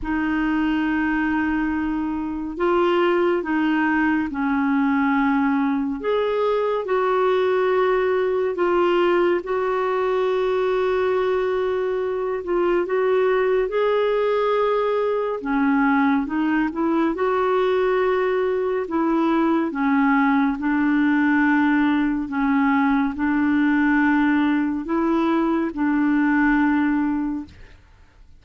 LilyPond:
\new Staff \with { instrumentName = "clarinet" } { \time 4/4 \tempo 4 = 70 dis'2. f'4 | dis'4 cis'2 gis'4 | fis'2 f'4 fis'4~ | fis'2~ fis'8 f'8 fis'4 |
gis'2 cis'4 dis'8 e'8 | fis'2 e'4 cis'4 | d'2 cis'4 d'4~ | d'4 e'4 d'2 | }